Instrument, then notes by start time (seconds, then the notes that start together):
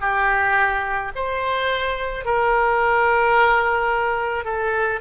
oboe
0.00 G4
1.15 C5
2.25 A#4
4.44 A4